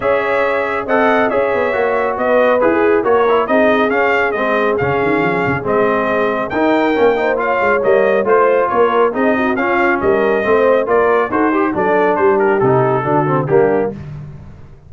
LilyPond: <<
  \new Staff \with { instrumentName = "trumpet" } { \time 4/4 \tempo 4 = 138 e''2 fis''4 e''4~ | e''4 dis''4 b'4 cis''4 | dis''4 f''4 dis''4 f''4~ | f''4 dis''2 g''4~ |
g''4 f''4 dis''4 c''4 | cis''4 dis''4 f''4 dis''4~ | dis''4 d''4 c''4 d''4 | c''8 ais'8 a'2 g'4 | }
  \new Staff \with { instrumentName = "horn" } { \time 4/4 cis''2 dis''4 cis''4~ | cis''4 b'4~ b'16 gis'8. ais'4 | gis'1~ | gis'2. ais'4~ |
ais'8 c''8 cis''2 c''4 | ais'4 gis'8 fis'8 f'4 ais'4 | c''4 ais'4 a'8 g'8 a'4 | g'2 fis'4 d'4 | }
  \new Staff \with { instrumentName = "trombone" } { \time 4/4 gis'2 a'4 gis'4 | fis'2 gis'4 fis'8 e'8 | dis'4 cis'4 c'4 cis'4~ | cis'4 c'2 dis'4 |
cis'8 dis'8 f'4 ais4 f'4~ | f'4 dis'4 cis'2 | c'4 f'4 fis'8 g'8 d'4~ | d'4 dis'4 d'8 c'8 ais4 | }
  \new Staff \with { instrumentName = "tuba" } { \time 4/4 cis'2 c'4 cis'8 b8 | ais4 b4 e'4 ais4 | c'4 cis'4 gis4 cis8 dis8 | f8 cis8 gis2 dis'4 |
ais4. gis8 g4 a4 | ais4 c'4 cis'4 g4 | a4 ais4 dis'4 fis4 | g4 c4 d4 g4 | }
>>